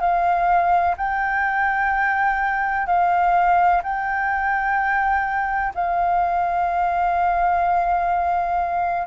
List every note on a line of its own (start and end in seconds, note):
0.00 0.95 F5
0.97 2.86 G5
2.86 3.81 F5
3.83 5.73 G5
5.74 9.06 F5